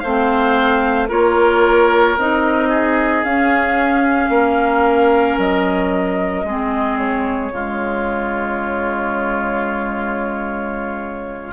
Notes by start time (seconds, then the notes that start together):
0.00 A3 C4 C5 F5
1.08 A#3 F4 A#4 C#5
2.17 C4 D#4 D#5
2.69 G#4
3.24 C#4 F5
4.29 A#3 A#4
5.38 F#3 D#5
6.44 G#3 C4 G#4
6.98 C#5
7.51 C#3 G#3 F4